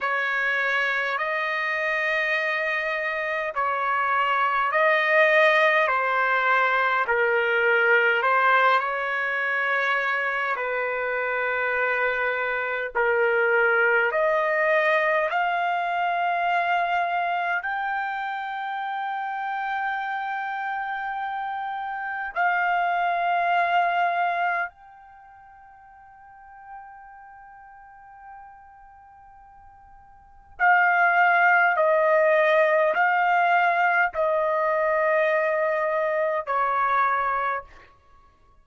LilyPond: \new Staff \with { instrumentName = "trumpet" } { \time 4/4 \tempo 4 = 51 cis''4 dis''2 cis''4 | dis''4 c''4 ais'4 c''8 cis''8~ | cis''4 b'2 ais'4 | dis''4 f''2 g''4~ |
g''2. f''4~ | f''4 g''2.~ | g''2 f''4 dis''4 | f''4 dis''2 cis''4 | }